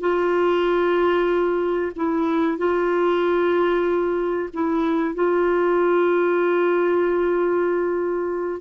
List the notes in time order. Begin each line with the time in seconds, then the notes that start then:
0.00 F4
1.96 E4
2.58 F4
4.53 E4
5.14 F4